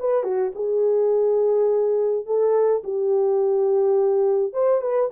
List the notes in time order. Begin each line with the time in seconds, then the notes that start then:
0.00 B4
0.24 F#4
0.55 G#4
2.26 A4
2.84 G4
4.53 C5
4.82 B4